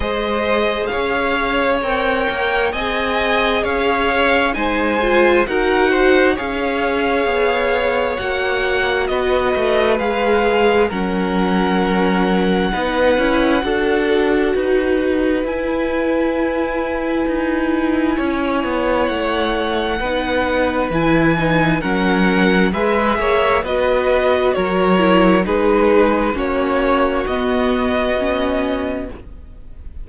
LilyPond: <<
  \new Staff \with { instrumentName = "violin" } { \time 4/4 \tempo 4 = 66 dis''4 f''4 g''4 gis''4 | f''4 gis''4 fis''4 f''4~ | f''4 fis''4 dis''4 f''4 | fis''1~ |
fis''4 gis''2.~ | gis''4 fis''2 gis''4 | fis''4 e''4 dis''4 cis''4 | b'4 cis''4 dis''2 | }
  \new Staff \with { instrumentName = "violin" } { \time 4/4 c''4 cis''2 dis''4 | cis''4 c''4 ais'8 c''8 cis''4~ | cis''2 b'2 | ais'2 b'4 a'4 |
b'1 | cis''2 b'2 | ais'4 b'8 cis''8 b'4 ais'4 | gis'4 fis'2. | }
  \new Staff \with { instrumentName = "viola" } { \time 4/4 gis'2 ais'4 gis'4~ | gis'4 dis'8 f'8 fis'4 gis'4~ | gis'4 fis'2 gis'4 | cis'2 dis'8 e'8 fis'4~ |
fis'4 e'2.~ | e'2 dis'4 e'8 dis'8 | cis'4 gis'4 fis'4. e'8 | dis'4 cis'4 b4 cis'4 | }
  \new Staff \with { instrumentName = "cello" } { \time 4/4 gis4 cis'4 c'8 ais8 c'4 | cis'4 gis4 dis'4 cis'4 | b4 ais4 b8 a8 gis4 | fis2 b8 cis'8 d'4 |
dis'4 e'2 dis'4 | cis'8 b8 a4 b4 e4 | fis4 gis8 ais8 b4 fis4 | gis4 ais4 b2 | }
>>